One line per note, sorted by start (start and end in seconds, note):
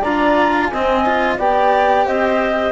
0.00 0.71 D4
0.00 0.72 F4
0.00 0.67 D5
0.00 0.67 A#5
0.67 1.38 C4
0.67 1.38 D#5
0.67 1.34 G#5
0.74 1.06 C4
1.06 1.39 F4
1.38 2.05 B3
1.38 2.72 G4
1.38 2.06 D5
1.38 2.07 G5
2.06 2.72 C4
2.06 2.72 C5
2.06 2.72 D#5